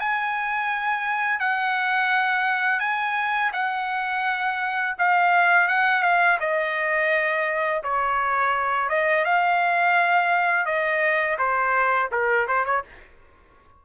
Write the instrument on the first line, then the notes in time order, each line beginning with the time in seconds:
trumpet
0.00 G#5
1.40 F#5
2.80 G#5
3.53 F#5
4.99 F5
5.69 F#5
6.03 F5
6.40 D#5
7.83 C#5
8.90 D#5
9.25 F5
10.66 D#5
11.39 C5
12.12 A#4
12.48 C5
12.66 C#5